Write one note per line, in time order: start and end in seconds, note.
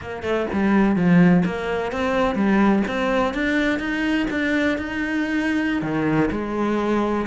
0.01 0.22 A#3
0.22 0.46 A3
0.52 0.96 G3
0.96 1.43 F3
1.45 1.92 A#3
1.92 2.35 C4
2.35 2.82 G3
2.87 3.34 C4
3.34 3.79 D4
3.79 4.26 D#4
4.30 4.77 D4
4.77 5.82 D#4
5.82 6.29 D#3
6.31 7.26 G#3